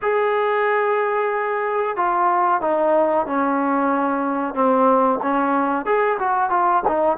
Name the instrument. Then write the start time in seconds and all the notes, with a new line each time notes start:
trombone
0.02 G#4
1.96 F4
2.61 D#4
3.26 C#4
4.54 C4
5.22 C#4
5.85 G#4
6.19 F#4
6.50 F4
6.87 D#4